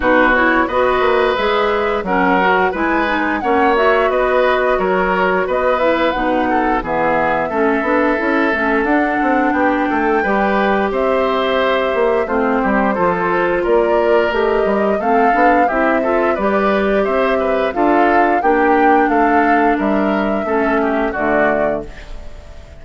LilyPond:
<<
  \new Staff \with { instrumentName = "flute" } { \time 4/4 \tempo 4 = 88 b'8 cis''8 dis''4 e''4 fis''4 | gis''4 fis''8 e''8 dis''4 cis''4 | dis''8 e''8 fis''4 e''2~ | e''4 fis''4 g''2 |
e''2 c''2 | d''4 dis''4 f''4 e''4 | d''4 e''4 f''4 g''4 | f''4 e''2 d''4 | }
  \new Staff \with { instrumentName = "oboe" } { \time 4/4 fis'4 b'2 ais'4 | b'4 cis''4 b'4 ais'4 | b'4. a'8 gis'4 a'4~ | a'2 g'8 a'8 b'4 |
c''2 f'8 g'8 a'4 | ais'2 a'4 g'8 a'8 | b'4 c''8 b'8 a'4 g'4 | a'4 ais'4 a'8 g'8 fis'4 | }
  \new Staff \with { instrumentName = "clarinet" } { \time 4/4 dis'8 e'8 fis'4 gis'4 cis'8 fis'8 | e'8 dis'8 cis'8 fis'2~ fis'8~ | fis'8 e'8 dis'4 b4 cis'8 d'8 | e'8 cis'8 d'2 g'4~ |
g'2 c'4 f'4~ | f'4 g'4 c'8 d'8 e'8 f'8 | g'2 f'4 d'4~ | d'2 cis'4 a4 | }
  \new Staff \with { instrumentName = "bassoon" } { \time 4/4 b,4 b8 ais8 gis4 fis4 | gis4 ais4 b4 fis4 | b4 b,4 e4 a8 b8 | cis'8 a8 d'8 c'8 b8 a8 g4 |
c'4. ais8 a8 g8 f4 | ais4 a8 g8 a8 b8 c'4 | g4 c'4 d'4 ais4 | a4 g4 a4 d4 | }
>>